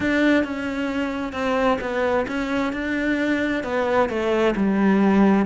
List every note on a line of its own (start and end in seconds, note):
0.00 0.44 D4
0.44 1.32 C#4
1.32 1.78 C4
1.80 2.26 B3
2.27 2.72 C#4
2.72 3.63 D4
3.63 4.09 B3
4.09 4.54 A3
4.56 5.46 G3